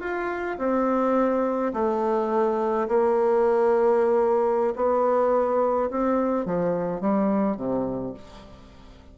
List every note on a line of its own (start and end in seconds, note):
0.00 0.57 F4
0.58 1.72 C4
1.73 2.88 A3
2.88 4.74 A#3
4.75 5.90 B3
5.90 6.45 C4
6.45 7.00 F3
7.00 7.56 G3
7.56 8.13 C3